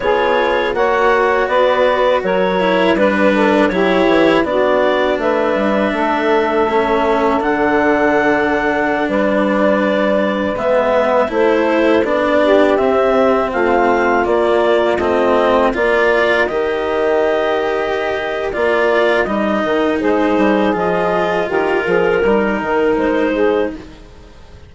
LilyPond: <<
  \new Staff \with { instrumentName = "clarinet" } { \time 4/4 \tempo 4 = 81 cis''4 fis''4 d''4 cis''4 | b'4 cis''4 d''4 e''4~ | e''2 fis''2~ | fis''16 d''2 e''4 c''8.~ |
c''16 d''4 e''4 f''4 d''8.~ | d''16 dis''4 d''4 dis''4.~ dis''16~ | dis''4 d''4 dis''4 c''4 | dis''4 ais'2 c''4 | }
  \new Staff \with { instrumentName = "saxophone" } { \time 4/4 gis'4 cis''4 b'4 ais'4 | b'8 a'8 g'4 fis'4 b'4 | a'1~ | a'16 b'2. a'8.~ |
a'8. g'4. f'4.~ f'16~ | f'4~ f'16 ais'2~ ais'8.~ | ais'2. gis'4~ | gis'4 g'8 gis'8 ais'4. gis'8 | }
  \new Staff \with { instrumentName = "cello" } { \time 4/4 f'4 fis'2~ fis'8 e'8 | d'4 e'4 d'2~ | d'4 cis'4 d'2~ | d'2~ d'16 b4 e'8.~ |
e'16 d'4 c'2 ais8.~ | ais16 c'4 f'4 g'4.~ g'16~ | g'4 f'4 dis'2 | f'2 dis'2 | }
  \new Staff \with { instrumentName = "bassoon" } { \time 4/4 b4 ais4 b4 fis4 | g4 fis8 e8 b4 a8 g8 | a2 d2~ | d16 g2 gis4 a8.~ |
a16 b4 c'4 a4 ais8.~ | ais16 a4 ais4 dis4.~ dis16~ | dis4 ais4 g8 dis8 gis8 g8 | f4 dis8 f8 g8 dis8 gis4 | }
>>